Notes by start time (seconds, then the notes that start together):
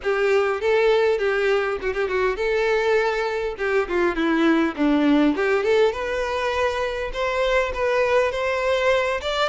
0.02 G4
0.60 A4
1.18 G4
1.81 F#4
1.93 G4
2.08 F#4
2.36 A4
3.58 G4
3.88 F4
4.15 E4
4.76 D4
5.35 G4
5.63 A4
5.92 B4
7.13 C5
7.74 B4
8.31 C5
9.21 D5